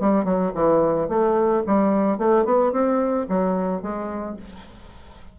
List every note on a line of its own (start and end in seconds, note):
0.00 0.25 G3
0.25 0.52 F#3
0.55 1.08 E3
1.08 1.63 A3
1.67 2.18 G3
2.18 2.45 A3
2.45 2.72 B3
2.72 3.27 C4
3.29 3.82 F#3
3.82 4.37 G#3